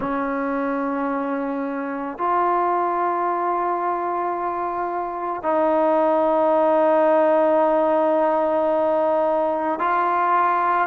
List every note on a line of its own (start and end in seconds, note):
0.00 2.18 C#4
2.18 5.42 F4
5.42 9.79 D#4
9.79 10.87 F4